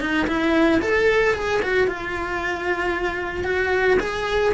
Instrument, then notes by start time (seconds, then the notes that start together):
cello
0.00 D#4
0.27 E4
0.81 A4
1.34 G#4
1.62 F#4
1.87 F4
3.44 F#4
3.99 G#4